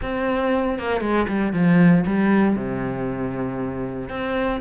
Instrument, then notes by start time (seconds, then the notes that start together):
cello
0.02 C4
0.78 A#3
1.00 G#3
1.28 G3
1.52 F3
2.06 G3
2.55 C3
4.09 C4